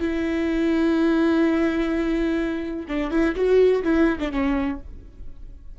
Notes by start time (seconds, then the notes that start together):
0.00 E4
2.88 D4
3.11 E4
3.35 F#4
3.83 E4
4.20 D4
4.31 C#4